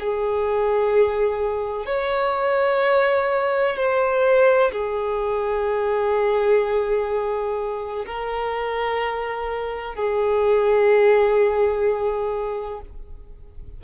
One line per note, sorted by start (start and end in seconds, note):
0.00 1.86 G#4
1.86 3.76 C#5
3.76 4.71 C5
4.72 8.05 G#4
8.06 9.95 A#4
9.95 12.81 G#4